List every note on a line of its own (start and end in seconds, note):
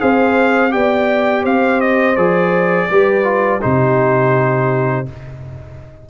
0.00 0.75 C4
0.00 0.70 G#4
0.00 0.72 C5
0.00 0.72 F5
0.70 1.45 B3
0.70 2.15 G4
0.70 1.43 D5
0.70 1.44 G5
1.43 2.17 C4
1.43 2.87 C5
1.43 1.81 F5
1.81 2.16 D#5
2.16 2.89 F3
2.16 2.90 G#4
2.16 3.61 D5
2.90 3.63 G3
2.90 3.24 G4
2.90 3.62 B4
3.24 3.60 F4
3.61 5.09 C3
3.61 5.06 D#4
3.61 5.08 G4
3.61 5.07 C5